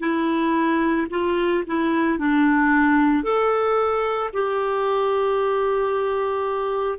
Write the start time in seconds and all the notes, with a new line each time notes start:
0.00 E4
1.10 F4
1.67 E4
2.19 D4
3.23 A4
4.33 G4